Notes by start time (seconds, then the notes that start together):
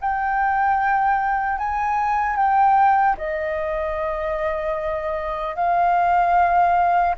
0.00 G5
1.58 G#5
2.36 G5
3.17 D#5
5.55 F5